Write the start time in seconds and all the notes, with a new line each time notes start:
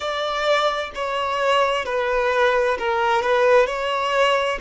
0.00 D5
0.94 C#5
1.85 B4
2.78 A#4
3.21 B4
3.66 C#5